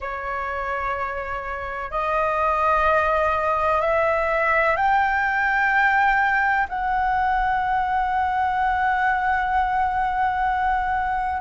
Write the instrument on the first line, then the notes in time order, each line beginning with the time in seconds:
flute
0.00 C#5
1.90 D#5
3.81 E5
4.76 G5
6.68 F#5